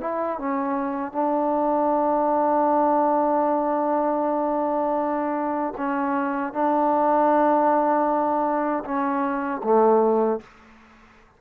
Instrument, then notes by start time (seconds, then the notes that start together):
trombone
0.00 E4
0.39 C#4
1.12 D4
5.77 C#4
6.53 D4
8.85 C#4
9.63 A3